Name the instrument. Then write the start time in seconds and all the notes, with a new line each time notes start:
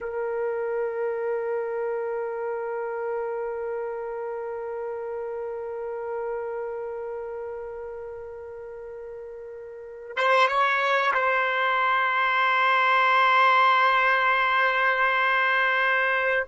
trumpet
0.00 A#4
10.16 C5
10.47 C#5
11.13 C5